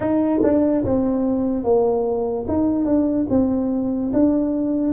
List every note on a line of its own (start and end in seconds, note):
0.00 0.40 D#4
0.43 0.84 D4
0.84 1.64 C4
1.64 2.46 A#3
2.48 2.85 D#4
2.85 3.26 D4
3.29 4.11 C4
4.13 4.93 D4